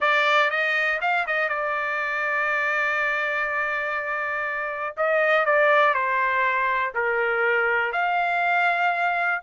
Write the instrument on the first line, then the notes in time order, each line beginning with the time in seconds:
trumpet
0.00 D5
0.50 D#5
1.01 F5
1.26 D#5
1.48 D5
4.97 D#5
5.45 D5
5.93 C5
6.94 A#4
7.92 F5